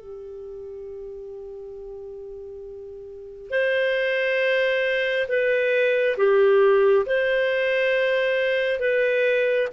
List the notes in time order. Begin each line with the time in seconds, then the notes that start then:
0.00 G4
3.51 C5
5.28 B4
6.17 G4
7.06 C5
8.80 B4